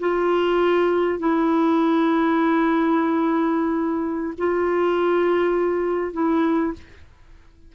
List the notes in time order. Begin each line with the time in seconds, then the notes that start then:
0.00 F4
1.19 E4
4.38 F4
6.13 E4